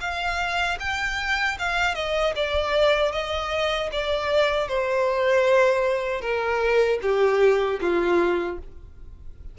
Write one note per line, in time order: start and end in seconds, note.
0.00 0.78 F5
0.79 1.57 G5
1.58 1.94 F5
1.94 2.33 D#5
2.35 3.12 D5
3.12 3.90 D#5
3.92 4.68 D5
4.68 6.21 C5
6.21 6.99 A#4
7.02 7.80 G4
7.80 8.58 F4